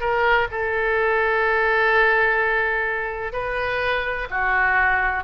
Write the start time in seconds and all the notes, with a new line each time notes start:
0.00 A#4
0.51 A4
3.32 B4
4.30 F#4